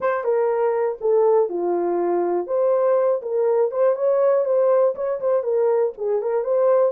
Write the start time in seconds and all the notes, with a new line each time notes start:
0.00 C5
0.24 A#4
1.01 A4
1.49 F4
2.46 C5
3.22 A#4
3.71 C5
3.95 C#5
4.45 C5
4.95 C#5
5.20 C5
5.43 A#4
5.97 G#4
6.22 A#4
6.44 C5